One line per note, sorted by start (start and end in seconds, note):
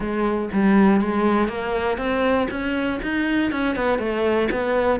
0.00 0.49 G#3
0.53 1.00 G3
1.00 1.48 G#3
1.48 1.97 A#3
1.97 2.48 C4
2.50 3.00 C#4
3.02 3.51 D#4
3.51 3.75 C#4
3.75 3.98 B3
3.98 4.48 A3
4.51 5.00 B3